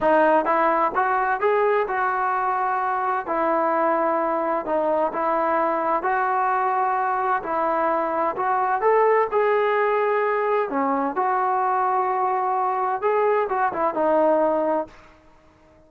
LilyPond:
\new Staff \with { instrumentName = "trombone" } { \time 4/4 \tempo 4 = 129 dis'4 e'4 fis'4 gis'4 | fis'2. e'4~ | e'2 dis'4 e'4~ | e'4 fis'2. |
e'2 fis'4 a'4 | gis'2. cis'4 | fis'1 | gis'4 fis'8 e'8 dis'2 | }